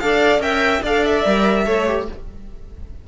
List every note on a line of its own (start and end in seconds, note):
0.00 0.39 D4
0.00 0.41 A4
0.00 0.43 D5
0.00 0.41 F5
0.39 0.80 C#4
0.39 0.82 A#4
0.39 0.83 E5
0.39 0.83 G5
0.83 1.24 D4
0.83 1.26 A4
0.83 1.65 D5
0.83 1.05 F5
1.05 2.08 E5
1.25 1.66 G3
1.25 1.67 A#4
1.66 2.08 A3
1.66 1.87 A4
1.66 2.07 C#5
1.87 2.07 G4